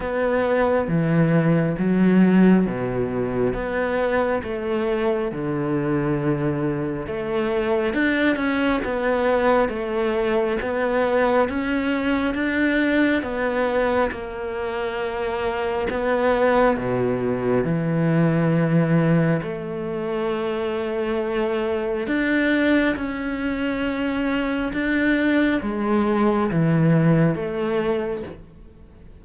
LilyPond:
\new Staff \with { instrumentName = "cello" } { \time 4/4 \tempo 4 = 68 b4 e4 fis4 b,4 | b4 a4 d2 | a4 d'8 cis'8 b4 a4 | b4 cis'4 d'4 b4 |
ais2 b4 b,4 | e2 a2~ | a4 d'4 cis'2 | d'4 gis4 e4 a4 | }